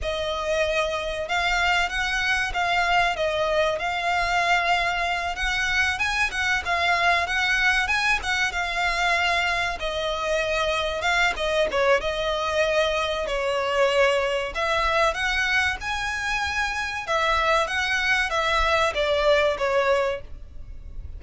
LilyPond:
\new Staff \with { instrumentName = "violin" } { \time 4/4 \tempo 4 = 95 dis''2 f''4 fis''4 | f''4 dis''4 f''2~ | f''8 fis''4 gis''8 fis''8 f''4 fis''8~ | fis''8 gis''8 fis''8 f''2 dis''8~ |
dis''4. f''8 dis''8 cis''8 dis''4~ | dis''4 cis''2 e''4 | fis''4 gis''2 e''4 | fis''4 e''4 d''4 cis''4 | }